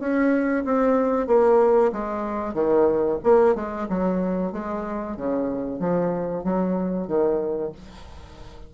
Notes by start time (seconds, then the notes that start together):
0.00 C#4
0.65 C4
1.27 A#3
1.92 G#3
2.54 D#3
3.23 A#3
3.55 G#3
3.89 F#3
4.52 G#3
5.17 C#3
5.80 F3
6.44 F#3
7.08 D#3